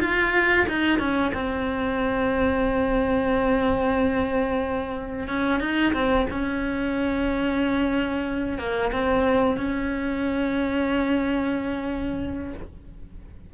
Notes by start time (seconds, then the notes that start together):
0.00 F4
0.68 D#4
0.99 C#4
1.33 C4
5.27 C#4
5.60 D#4
5.93 C4
6.30 C#4
8.58 A#3
8.92 C4
9.57 C#4